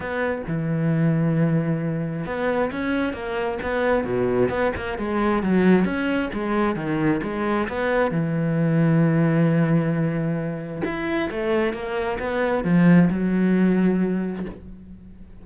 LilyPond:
\new Staff \with { instrumentName = "cello" } { \time 4/4 \tempo 4 = 133 b4 e2.~ | e4 b4 cis'4 ais4 | b4 b,4 b8 ais8 gis4 | fis4 cis'4 gis4 dis4 |
gis4 b4 e2~ | e1 | e'4 a4 ais4 b4 | f4 fis2. | }